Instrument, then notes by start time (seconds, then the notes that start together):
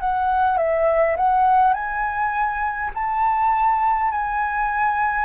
flute
0.00 F#5
0.57 E5
1.17 F#5
1.73 G#5
2.94 A5
4.11 G#5